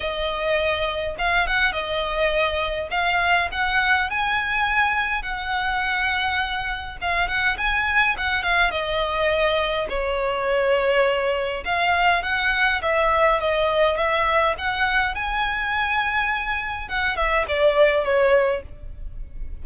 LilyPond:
\new Staff \with { instrumentName = "violin" } { \time 4/4 \tempo 4 = 103 dis''2 f''8 fis''8 dis''4~ | dis''4 f''4 fis''4 gis''4~ | gis''4 fis''2. | f''8 fis''8 gis''4 fis''8 f''8 dis''4~ |
dis''4 cis''2. | f''4 fis''4 e''4 dis''4 | e''4 fis''4 gis''2~ | gis''4 fis''8 e''8 d''4 cis''4 | }